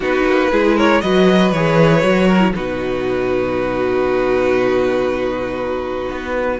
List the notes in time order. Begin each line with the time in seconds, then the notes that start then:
0.00 B3 D#4 F#4 B4
0.26 A#3
0.51 G#3 E4 G#4
0.76 A#4 C#5
1.00 F#3 F#4 B4 D#5
1.51 E3 G#4 C#5
2.02 F#3 F#4
2.27 A#4
2.39 E4
2.53 B2 D#4 F#4 B4
6.09 B3